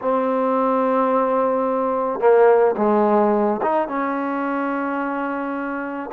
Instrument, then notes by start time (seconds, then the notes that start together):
trombone
0.01 C4
2.19 A#3
2.77 G#3
3.62 D#4
3.88 C#4